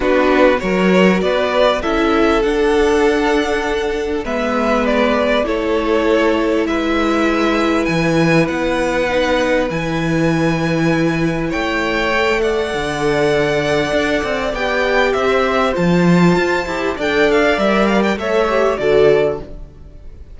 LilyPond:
<<
  \new Staff \with { instrumentName = "violin" } { \time 4/4 \tempo 4 = 99 b'4 cis''4 d''4 e''4 | fis''2. e''4 | d''4 cis''2 e''4~ | e''4 gis''4 fis''2 |
gis''2. g''4~ | g''8 fis''2.~ fis''8 | g''4 e''4 a''2 | g''8 f''8 e''8 f''16 g''16 e''4 d''4 | }
  \new Staff \with { instrumentName = "violin" } { \time 4/4 fis'4 ais'4 b'4 a'4~ | a'2. b'4~ | b'4 a'2 b'4~ | b'1~ |
b'2. cis''4~ | cis''8 d''2.~ d''8~ | d''4 c''2. | d''2 cis''4 a'4 | }
  \new Staff \with { instrumentName = "viola" } { \time 4/4 d'4 fis'2 e'4 | d'2. b4~ | b4 e'2.~ | e'2. dis'4 |
e'1 | a'1 | g'2 f'4. g'8 | a'4 ais'4 a'8 g'8 fis'4 | }
  \new Staff \with { instrumentName = "cello" } { \time 4/4 b4 fis4 b4 cis'4 | d'2. gis4~ | gis4 a2 gis4~ | gis4 e4 b2 |
e2. a4~ | a4 d2 d'8 c'8 | b4 c'4 f4 f'8 e'8 | d'4 g4 a4 d4 | }
>>